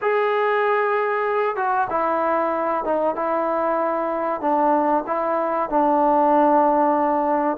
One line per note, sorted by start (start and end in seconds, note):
0.01 1.56 G#4
1.56 1.87 F#4
1.89 2.84 E4
2.84 3.16 D#4
3.16 4.40 E4
4.40 5.04 D4
5.07 5.69 E4
5.69 7.57 D4